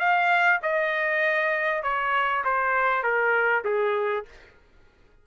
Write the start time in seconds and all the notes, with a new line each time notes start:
0.00 F5
0.63 D#5
1.83 C#5
2.45 C5
3.03 A#4
3.65 G#4